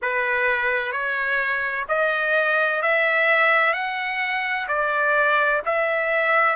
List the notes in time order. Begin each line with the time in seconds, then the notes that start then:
0.02 B4
0.92 C#5
1.88 D#5
2.81 E5
3.73 F#5
4.67 D5
5.65 E5